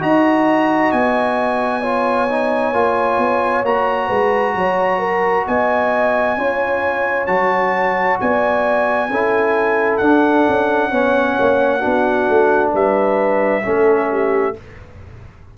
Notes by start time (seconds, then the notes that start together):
0.00 D#4 F#4 D#5 A#5
0.91 B3 G#5
1.81 F4 C#5
2.29 D#4
2.73 A#3 F4
3.18 B3
3.63 A#3 F#4 A#5
4.07 G#3 B4
4.55 F#3 C#5
4.99 A#4
5.47 B3 D#5 G#5
6.37 C#4 F4 C#5
7.27 F#3 F#4 A5
8.20 B3 D5 G#5
9.10 C#4 E4 A4
9.97 D4 F#5
10.48 C#4
10.90 B3 C#4 C#5
11.40 A#3
11.79 B3 D4 F#4
12.29 A3
12.73 G3 B4 E5
13.63 A3 C#4 A4
14.11 G4